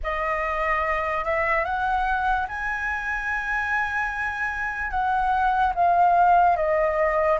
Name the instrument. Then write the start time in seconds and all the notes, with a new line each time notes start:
flute
0.03 D#5
1.24 E5
1.64 F#5
2.48 G#5
4.91 F#5
5.75 F5
6.56 D#5